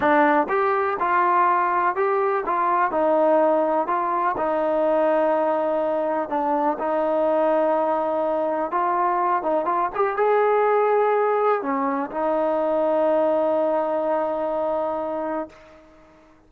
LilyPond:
\new Staff \with { instrumentName = "trombone" } { \time 4/4 \tempo 4 = 124 d'4 g'4 f'2 | g'4 f'4 dis'2 | f'4 dis'2.~ | dis'4 d'4 dis'2~ |
dis'2 f'4. dis'8 | f'8 g'8 gis'2. | cis'4 dis'2.~ | dis'1 | }